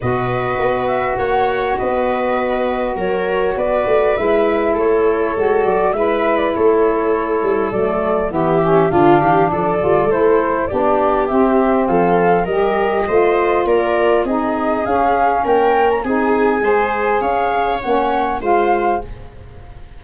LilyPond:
<<
  \new Staff \with { instrumentName = "flute" } { \time 4/4 \tempo 4 = 101 dis''4. e''8 fis''4 dis''4~ | dis''4 cis''4 d''4 e''4 | cis''4. d''8 e''8. d''16 cis''4~ | cis''4 d''4 e''4 f''4 |
d''4 c''4 d''4 e''4 | f''4 dis''2 d''4 | dis''4 f''4 g''8. ais''16 gis''4~ | gis''4 f''4 fis''4 f''4 | }
  \new Staff \with { instrumentName = "viola" } { \time 4/4 b'2 cis''4 b'4~ | b'4 ais'4 b'2 | a'2 b'4 a'4~ | a'2 g'4 f'8 g'8 |
a'2 g'2 | a'4 ais'4 c''4 ais'4 | gis'2 ais'4 gis'4 | c''4 cis''2 c''4 | }
  \new Staff \with { instrumentName = "saxophone" } { \time 4/4 fis'1~ | fis'2. e'4~ | e'4 fis'4 e'2~ | e'4 a4 b8 cis'8 d'4~ |
d'8 f'8 e'4 d'4 c'4~ | c'4 g'4 f'2 | dis'4 cis'2 dis'4 | gis'2 cis'4 f'4 | }
  \new Staff \with { instrumentName = "tuba" } { \time 4/4 b,4 b4 ais4 b4~ | b4 fis4 b8 a8 gis4 | a4 gis8 fis8 gis4 a4~ | a8 g8 fis4 e4 d8 e8 |
f8 g8 a4 b4 c'4 | f4 g4 a4 ais4 | c'4 cis'4 ais4 c'4 | gis4 cis'4 ais4 gis4 | }
>>